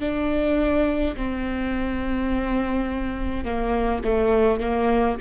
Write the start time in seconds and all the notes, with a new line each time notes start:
0.00 D4
1.16 C4
3.45 A#3
4.04 A3
4.60 A#3